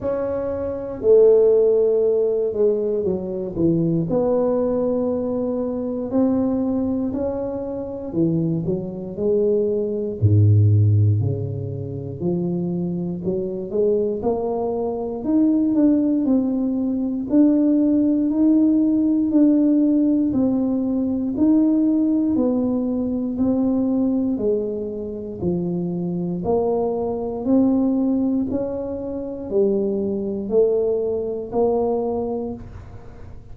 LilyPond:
\new Staff \with { instrumentName = "tuba" } { \time 4/4 \tempo 4 = 59 cis'4 a4. gis8 fis8 e8 | b2 c'4 cis'4 | e8 fis8 gis4 gis,4 cis4 | f4 fis8 gis8 ais4 dis'8 d'8 |
c'4 d'4 dis'4 d'4 | c'4 dis'4 b4 c'4 | gis4 f4 ais4 c'4 | cis'4 g4 a4 ais4 | }